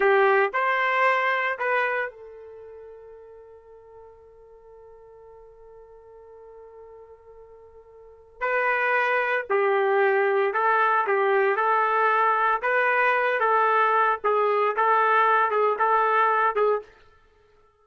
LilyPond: \new Staff \with { instrumentName = "trumpet" } { \time 4/4 \tempo 4 = 114 g'4 c''2 b'4 | a'1~ | a'1~ | a'1 |
b'2 g'2 | a'4 g'4 a'2 | b'4. a'4. gis'4 | a'4. gis'8 a'4. gis'8 | }